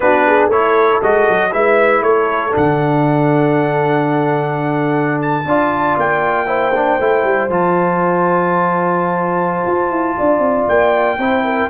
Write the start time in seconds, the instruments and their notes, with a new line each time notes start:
0.00 tuba B3, trombone D4, horn F#4, trumpet B4
0.26 horn G#4
0.48 tuba A3, trombone E4, horn A4, trumpet C#5
1.01 tuba G#3, trombone F#4, trumpet D#5
1.28 tuba F#3
1.51 tuba G#3, trombone E4, horn B4, trumpet E5
2.01 tuba A3, horn A4, trumpet C#5
2.51 tuba D3, trombone D4, trumpet F#5
5.21 trumpet A5
5.45 tuba D4, trombone F4, horn D5
5.97 tuba A#3, trumpet G5
6.46 trombone E4, horn C5
6.74 trombone D4
6.99 tuba A3, trombone E4
7.24 tuba G3
7.48 tuba F3, trombone F4, trumpet A5
9.66 tuba F4
9.90 tuba E4
10.17 tuba D4, horn D5
10.38 tuba C4
10.68 tuba A#3, trumpet G5
11.17 tuba C4, trombone E4, horn C5
11.44 horn A#4